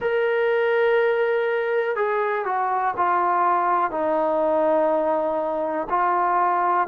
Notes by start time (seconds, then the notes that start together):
0.00 A#4
1.95 G#4
2.45 F#4
2.96 F4
3.90 D#4
5.89 F4